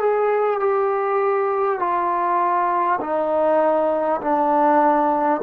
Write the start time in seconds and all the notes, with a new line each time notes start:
0.00 G#4
0.60 G4
1.79 F4
3.01 D#4
4.22 D4